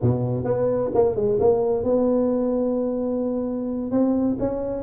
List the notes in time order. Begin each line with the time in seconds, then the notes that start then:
0.01 B2
0.44 B3
0.94 A#3
1.15 G#3
1.40 A#3
1.83 B3
3.91 C4
4.39 C#4